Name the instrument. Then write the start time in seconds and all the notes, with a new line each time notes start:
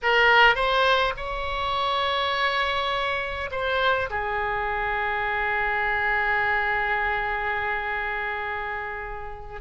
oboe
0.02 A#4
0.55 C5
1.17 C#5
3.51 C5
4.10 G#4